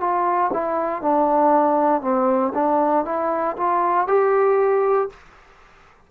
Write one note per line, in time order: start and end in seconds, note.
0.00 0.51 F4
0.53 1.02 E4
1.02 2.02 D4
2.02 2.52 C4
2.54 3.05 D4
3.05 3.56 E4
3.57 4.07 F4
4.07 5.09 G4